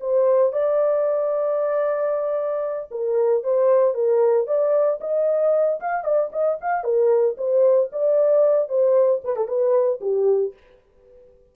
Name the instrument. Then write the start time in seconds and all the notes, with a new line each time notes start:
horn
0.00 C5
0.52 D5
2.91 A#4
3.43 C5
3.94 A#4
4.47 D5
5.00 D#5
5.80 F5
6.04 D5
6.32 D#5
6.61 F5
6.84 A#4
7.37 C5
7.92 D5
8.68 C5
9.24 B4
9.36 A4
9.47 B4
10.00 G4